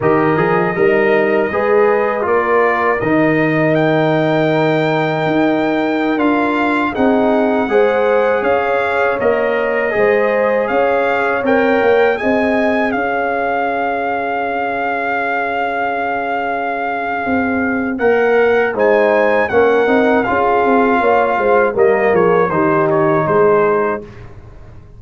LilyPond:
<<
  \new Staff \with { instrumentName = "trumpet" } { \time 4/4 \tempo 4 = 80 dis''2. d''4 | dis''4 g''2.~ | g''16 f''4 fis''2 f''8.~ | f''16 dis''2 f''4 g''8.~ |
g''16 gis''4 f''2~ f''8.~ | f''1 | fis''4 gis''4 fis''4 f''4~ | f''4 dis''8 cis''8 c''8 cis''8 c''4 | }
  \new Staff \with { instrumentName = "horn" } { \time 4/4 ais'4 dis'4 b'4 ais'4~ | ais'1~ | ais'4~ ais'16 gis'4 c''4 cis''8.~ | cis''4~ cis''16 c''4 cis''4.~ cis''16~ |
cis''16 dis''4 cis''2~ cis''8.~ | cis''1~ | cis''4 c''4 ais'4 gis'4 | cis''8 c''8 ais'8 gis'8 g'4 gis'4 | }
  \new Staff \with { instrumentName = "trombone" } { \time 4/4 g'8 gis'8 ais'4 gis'4 f'4 | dis'1~ | dis'16 f'4 dis'4 gis'4.~ gis'16~ | gis'16 ais'4 gis'2 ais'8.~ |
ais'16 gis'2.~ gis'8.~ | gis'1 | ais'4 dis'4 cis'8 dis'8 f'4~ | f'4 ais4 dis'2 | }
  \new Staff \with { instrumentName = "tuba" } { \time 4/4 dis8 f8 g4 gis4 ais4 | dis2. dis'4~ | dis'16 d'4 c'4 gis4 cis'8.~ | cis'16 ais4 gis4 cis'4 c'8 ais16~ |
ais16 c'4 cis'2~ cis'8.~ | cis'2. c'4 | ais4 gis4 ais8 c'8 cis'8 c'8 | ais8 gis8 g8 f8 dis4 gis4 | }
>>